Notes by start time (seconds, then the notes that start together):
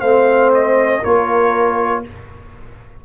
0.00 A3 C4 C5 F5
0.54 D#5
1.00 A#3 F4 A#4 C#5